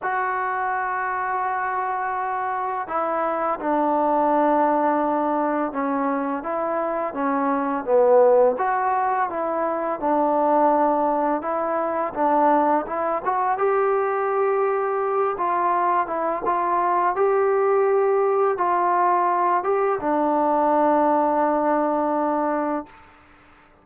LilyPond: \new Staff \with { instrumentName = "trombone" } { \time 4/4 \tempo 4 = 84 fis'1 | e'4 d'2. | cis'4 e'4 cis'4 b4 | fis'4 e'4 d'2 |
e'4 d'4 e'8 fis'8 g'4~ | g'4. f'4 e'8 f'4 | g'2 f'4. g'8 | d'1 | }